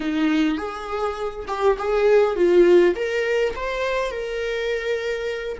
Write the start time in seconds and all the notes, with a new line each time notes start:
0.00 D#4
0.57 G#4
1.47 G4
1.78 G#4
2.36 F4
2.95 A#4
3.55 C5
4.10 A#4